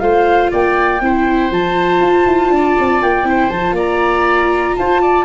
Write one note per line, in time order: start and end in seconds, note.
0.00 0.52 A3
0.00 1.00 F4
0.00 0.52 C5
0.00 0.50 F5
0.52 1.01 A#3
0.52 1.02 D5
0.52 1.53 G5
1.01 1.51 C4
1.01 1.52 E4
1.01 2.55 C5
1.51 2.01 F3
1.51 3.26 F4
1.51 3.02 A5
2.01 2.26 F4
2.26 2.51 E4
2.51 2.76 D4
2.51 3.29 D5
2.80 3.03 C4
3.02 3.24 A#3
3.02 3.50 G5
3.24 3.49 C4
3.24 3.51 E4
3.24 3.76 C5
3.50 3.72 F3
3.50 5.26 F4
3.50 3.75 A5
3.72 4.72 A#3
3.72 4.76 D5
3.72 4.77 A#5
4.77 5.26 F4
4.77 5.02 C5
4.77 5.26 A5
5.02 5.26 D5